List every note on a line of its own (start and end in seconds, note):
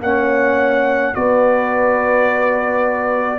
0.00 1.13 A#3
0.00 1.14 C#4
0.00 1.16 C#5
0.00 1.14 F#5
1.14 3.38 B3
1.14 3.38 F#4
1.14 3.38 B4
1.14 3.38 D5